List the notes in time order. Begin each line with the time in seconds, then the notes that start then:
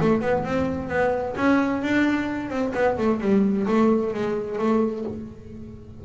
0.00 A3
0.21 B3
0.44 C4
0.89 B3
1.36 C#4
1.82 D4
2.49 C4
2.74 B3
2.97 A3
3.20 G3
3.67 A3
4.13 G#3
4.58 A3